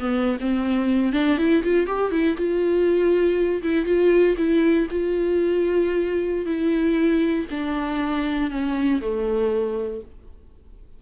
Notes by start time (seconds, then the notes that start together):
0.00 B3
0.40 C4
1.13 D4
1.38 E4
1.63 F4
1.87 G4
2.12 E4
2.37 F4
3.63 E4
3.85 F4
4.38 E4
4.91 F4
6.46 E4
7.51 D4
8.51 C#4
9.01 A3